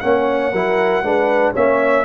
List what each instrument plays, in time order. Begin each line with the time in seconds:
0.00 tuba A#3, trombone C#4, horn C#5, trumpet F#5
0.53 tuba F#3, trombone E4, horn A#4
1.03 tuba G#3, trombone D4, horn B4
1.53 tuba A#3, trombone C#4, horn C#5, trumpet E5